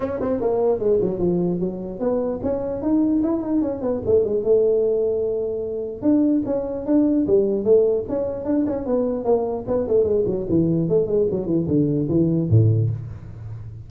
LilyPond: \new Staff \with { instrumentName = "tuba" } { \time 4/4 \tempo 4 = 149 cis'8 c'8 ais4 gis8 fis8 f4 | fis4 b4 cis'4 dis'4 | e'8 dis'8 cis'8 b8 a8 gis8 a4~ | a2. d'4 |
cis'4 d'4 g4 a4 | cis'4 d'8 cis'8 b4 ais4 | b8 a8 gis8 fis8 e4 a8 gis8 | fis8 e8 d4 e4 a,4 | }